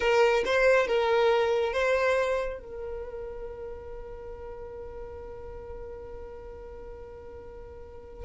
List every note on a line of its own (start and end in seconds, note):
0.00 0.43 A#4
0.45 0.87 C5
0.87 1.73 A#4
1.73 2.59 C5
2.59 8.25 A#4